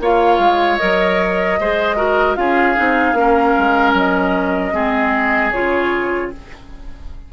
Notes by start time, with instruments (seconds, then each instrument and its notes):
0.00 bassoon A#3, clarinet F4, oboe C#5, flute F5
0.38 bassoon G#3
0.78 bassoon F#3, clarinet A#4, flute D#5
1.59 bassoon G#3, clarinet G#4, oboe C5
1.96 clarinet F#4, oboe A#4
2.35 bassoon C#4, clarinet F4, oboe G#4, flute F5
2.75 bassoon C4, clarinet D#4
3.13 bassoon A#3, clarinet C#4
3.20 oboe A#4
3.58 bassoon G#3
3.93 bassoon F#3, flute D#5
4.73 bassoon G#3, clarinet C4, oboe G#4
5.51 bassoon C#3, clarinet F4, flute C#5